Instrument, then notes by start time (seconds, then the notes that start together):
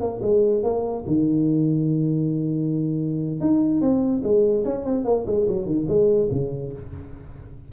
tuba
0.00 A#3
0.22 G#3
0.63 A#3
1.07 D#3
3.40 D#4
3.81 C4
4.23 G#3
4.65 C#4
4.85 C4
5.05 A#3
5.26 G#3
5.47 F#3
5.66 D#3
5.88 G#3
6.31 C#3